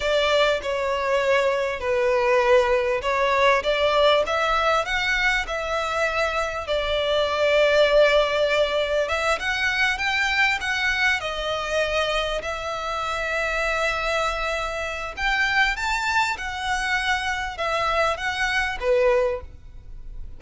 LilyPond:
\new Staff \with { instrumentName = "violin" } { \time 4/4 \tempo 4 = 99 d''4 cis''2 b'4~ | b'4 cis''4 d''4 e''4 | fis''4 e''2 d''4~ | d''2. e''8 fis''8~ |
fis''8 g''4 fis''4 dis''4.~ | dis''8 e''2.~ e''8~ | e''4 g''4 a''4 fis''4~ | fis''4 e''4 fis''4 b'4 | }